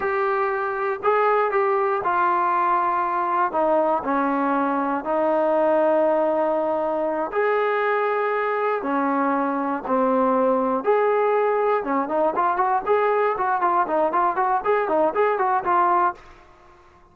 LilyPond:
\new Staff \with { instrumentName = "trombone" } { \time 4/4 \tempo 4 = 119 g'2 gis'4 g'4 | f'2. dis'4 | cis'2 dis'2~ | dis'2~ dis'8 gis'4.~ |
gis'4. cis'2 c'8~ | c'4. gis'2 cis'8 | dis'8 f'8 fis'8 gis'4 fis'8 f'8 dis'8 | f'8 fis'8 gis'8 dis'8 gis'8 fis'8 f'4 | }